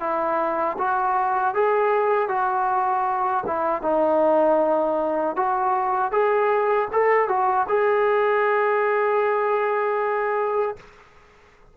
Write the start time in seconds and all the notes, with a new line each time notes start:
0.00 E4
0.78 F#4
1.55 G#4
2.29 F#4
3.47 E4
3.82 D#4
5.36 F#4
6.12 G#4
6.93 A4
7.29 F#4
7.69 G#4